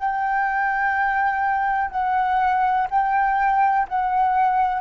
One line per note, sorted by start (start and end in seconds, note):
0.00 1.91 G5
1.91 2.88 F#5
2.91 3.88 G5
3.89 4.82 F#5